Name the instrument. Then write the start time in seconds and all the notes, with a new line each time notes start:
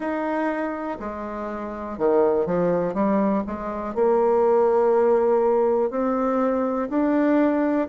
bassoon
0.00 D#4
0.99 G#3
1.98 D#3
2.46 F3
2.93 G3
3.46 G#3
3.94 A#3
5.90 C4
6.89 D4